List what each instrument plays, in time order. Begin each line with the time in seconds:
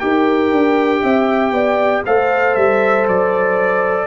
0.00 tuba D#4, trombone G4, horn A#4, trumpet G5
0.52 tuba D4
1.02 tuba C4, horn E5
1.51 tuba B3, horn D5
2.06 tuba A3, trombone A4, horn C5, trumpet F5
2.55 tuba G3, trumpet E5
3.08 tuba F#3, trumpet D5